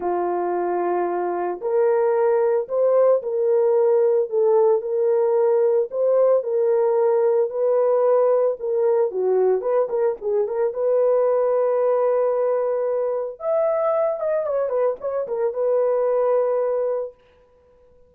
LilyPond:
\new Staff \with { instrumentName = "horn" } { \time 4/4 \tempo 4 = 112 f'2. ais'4~ | ais'4 c''4 ais'2 | a'4 ais'2 c''4 | ais'2 b'2 |
ais'4 fis'4 b'8 ais'8 gis'8 ais'8 | b'1~ | b'4 e''4. dis''8 cis''8 b'8 | cis''8 ais'8 b'2. | }